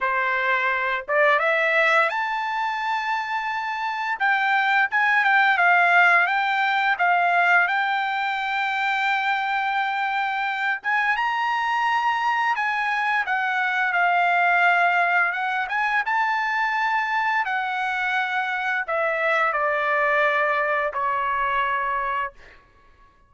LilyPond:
\new Staff \with { instrumentName = "trumpet" } { \time 4/4 \tempo 4 = 86 c''4. d''8 e''4 a''4~ | a''2 g''4 gis''8 g''8 | f''4 g''4 f''4 g''4~ | g''2.~ g''8 gis''8 |
ais''2 gis''4 fis''4 | f''2 fis''8 gis''8 a''4~ | a''4 fis''2 e''4 | d''2 cis''2 | }